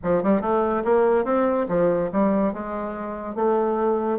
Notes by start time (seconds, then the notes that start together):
0.03 F3
0.23 G3
0.41 A3
0.84 A#3
1.24 C4
1.68 F3
2.12 G3
2.53 G#3
3.35 A3